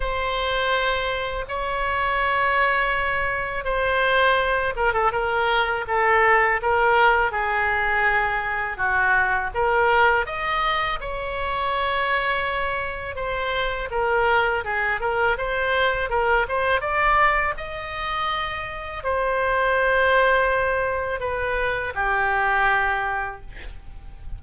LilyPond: \new Staff \with { instrumentName = "oboe" } { \time 4/4 \tempo 4 = 82 c''2 cis''2~ | cis''4 c''4. ais'16 a'16 ais'4 | a'4 ais'4 gis'2 | fis'4 ais'4 dis''4 cis''4~ |
cis''2 c''4 ais'4 | gis'8 ais'8 c''4 ais'8 c''8 d''4 | dis''2 c''2~ | c''4 b'4 g'2 | }